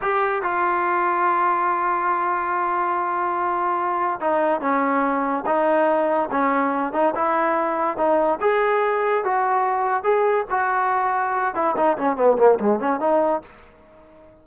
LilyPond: \new Staff \with { instrumentName = "trombone" } { \time 4/4 \tempo 4 = 143 g'4 f'2.~ | f'1~ | f'2 dis'4 cis'4~ | cis'4 dis'2 cis'4~ |
cis'8 dis'8 e'2 dis'4 | gis'2 fis'2 | gis'4 fis'2~ fis'8 e'8 | dis'8 cis'8 b8 ais8 gis8 cis'8 dis'4 | }